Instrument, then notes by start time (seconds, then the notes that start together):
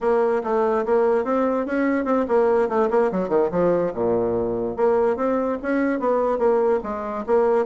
bassoon
0.01 A#3
0.43 A3
0.85 A#3
1.24 C4
1.66 C#4
2.04 C4
2.28 A#3
2.68 A3
2.90 A#3
3.11 F#3
3.28 D#3
3.51 F3
3.93 A#2
4.76 A#3
5.16 C4
5.62 C#4
5.99 B3
6.38 A#3
6.83 G#3
7.26 A#3